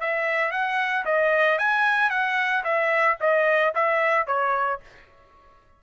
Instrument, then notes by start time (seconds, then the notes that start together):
trumpet
0.00 E5
0.51 F#5
1.05 D#5
1.58 G#5
2.10 F#5
2.63 E5
3.20 D#5
3.75 E5
4.26 C#5